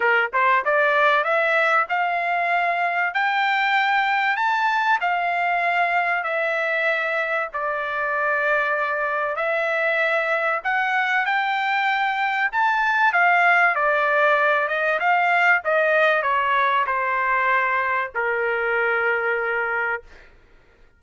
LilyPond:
\new Staff \with { instrumentName = "trumpet" } { \time 4/4 \tempo 4 = 96 ais'8 c''8 d''4 e''4 f''4~ | f''4 g''2 a''4 | f''2 e''2 | d''2. e''4~ |
e''4 fis''4 g''2 | a''4 f''4 d''4. dis''8 | f''4 dis''4 cis''4 c''4~ | c''4 ais'2. | }